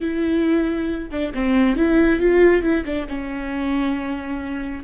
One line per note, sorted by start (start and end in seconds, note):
0.01 1.10 E4
1.10 1.32 D4
1.34 1.76 C4
1.76 2.19 E4
2.19 2.62 F4
2.62 2.84 E4
2.85 3.07 D4
3.08 4.83 C#4